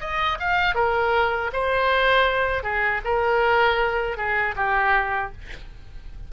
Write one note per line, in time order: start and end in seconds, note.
0.00 0.38 D#5
0.40 0.75 F5
0.75 1.51 A#4
1.53 2.63 C5
2.63 3.01 G#4
3.04 4.17 A#4
4.17 4.55 G#4
4.56 5.32 G4